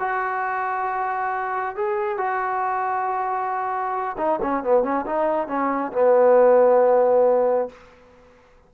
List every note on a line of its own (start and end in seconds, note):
0.00 1.76 F#4
1.76 2.18 G#4
2.18 4.17 F#4
4.18 4.40 D#4
4.42 4.64 C#4
4.64 4.83 B3
4.83 5.06 C#4
5.06 5.48 D#4
5.48 5.92 C#4
5.93 7.69 B3